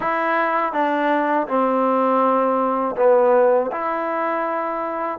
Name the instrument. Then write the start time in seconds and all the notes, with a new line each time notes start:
trombone
0.00 E4
0.72 D4
1.47 C4
2.96 B3
3.71 E4